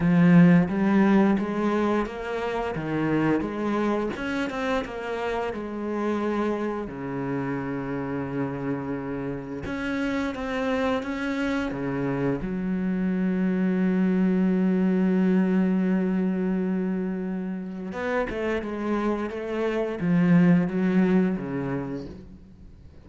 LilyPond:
\new Staff \with { instrumentName = "cello" } { \time 4/4 \tempo 4 = 87 f4 g4 gis4 ais4 | dis4 gis4 cis'8 c'8 ais4 | gis2 cis2~ | cis2 cis'4 c'4 |
cis'4 cis4 fis2~ | fis1~ | fis2 b8 a8 gis4 | a4 f4 fis4 cis4 | }